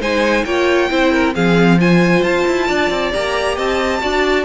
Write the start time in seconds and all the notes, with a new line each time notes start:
0.00 G#3 D#4 C5 G#5
0.45 A#3 F4 C#5 G5
0.90 C4 E4 C5
1.12 A#4
1.35 F3 C4 G#4 F5
1.79 F4 C5 G#5
2.23 F4 A5
2.47 E4
2.67 D4 D5
2.90 C4
3.12 A#3 G4 A#5
3.56 C4 D#5 A5
4.01 D4 F#4 D5